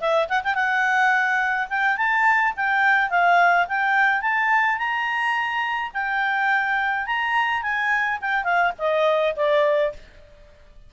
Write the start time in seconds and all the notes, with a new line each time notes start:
0.00 E5
0.29 F#5
0.43 G5
0.55 F#5
1.69 G5
1.97 A5
2.56 G5
3.10 F5
3.68 G5
4.22 A5
4.78 A#5
5.93 G5
7.06 A#5
7.62 G#5
8.21 G5
8.44 F5
8.78 D#5
9.36 D5